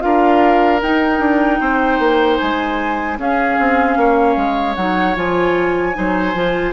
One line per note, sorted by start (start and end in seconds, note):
0.00 0.82 D4
0.00 0.79 F4
0.00 1.60 A#4
0.00 0.80 F5
0.82 1.19 D#4
0.82 3.18 D#4
0.82 2.38 G5
1.19 1.59 D4
1.60 1.99 C4
1.60 3.18 C5
1.99 2.38 A#3
2.38 3.18 G#3
2.38 3.17 G#5
3.18 4.76 C#4
3.18 3.57 C#4
3.18 3.98 G#4
3.18 4.75 F5
3.59 3.97 C4
3.97 4.36 A#3
3.97 5.97 C#5
4.36 4.76 G#3
4.75 5.16 F#3
4.75 5.15 D#4
4.75 5.15 F#5
5.15 5.95 F3
5.15 5.94 F4
5.15 6.73 G#5
5.94 6.34 F#3
5.94 6.33 D#4
5.94 6.73 C5
6.34 6.73 F3
6.34 6.73 F4